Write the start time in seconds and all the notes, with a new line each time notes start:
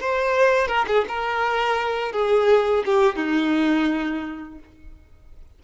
0.00 C5
0.68 A#4
0.87 G#4
1.08 A#4
2.12 G#4
2.85 G4
3.16 D#4